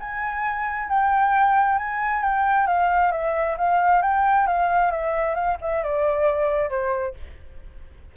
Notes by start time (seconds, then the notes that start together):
0.00 G#5
0.89 G5
1.78 G#5
2.23 G5
2.67 F5
3.12 E5
3.58 F5
4.02 G5
4.47 F5
4.91 E5
5.35 F5
5.61 E5
5.84 D5
6.70 C5